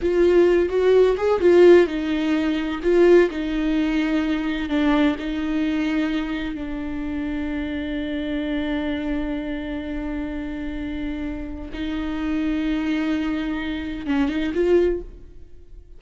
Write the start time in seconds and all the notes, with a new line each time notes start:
0.01 F4
0.69 F#4
1.17 G#4
1.40 F4
1.86 D#4
2.82 F4
3.30 D#4
4.69 D4
5.19 D#4
6.54 D4
11.73 D#4
14.06 C#4
14.29 D#4
14.54 F4